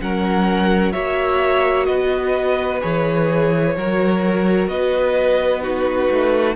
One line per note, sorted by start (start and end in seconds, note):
0.00 0.95 F#3
0.00 0.94 C#4
0.00 0.93 A#4
0.00 0.92 F#5
0.92 1.89 A#3
0.92 2.81 F#4
0.92 1.87 C#5
0.92 1.86 E5
1.86 2.83 B3
1.86 3.76 B4
1.86 2.79 D#5
2.81 3.76 E3
2.81 3.75 G#4
2.81 4.69 C#5
3.76 4.68 F#3
3.76 5.62 F#4
3.76 4.71 A#4
4.68 6.09 B3
4.68 5.63 B4
4.68 5.62 D#5
5.62 6.55 D#4
5.62 6.56 F#4
5.62 6.56 B4
6.10 6.56 A3